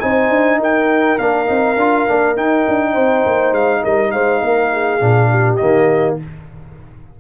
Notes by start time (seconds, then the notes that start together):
0.00 C4 D#4 C5 G#5
0.29 D4
0.58 D#4 A#4 G5
1.19 A#3 D4 F5
1.46 C4 D#4
1.77 D4 F4
2.07 A#3 D4
2.36 D#4 G5
2.68 D4
2.92 C4 C5
3.26 A#3
3.52 G#3 F5
3.83 G3 A#4 D#5
4.11 G#3 C5 F5
4.42 A#3 A#4
4.72 G#4
5.00 A#2 D4
5.30 G4
5.56 D#3 A#3 D#5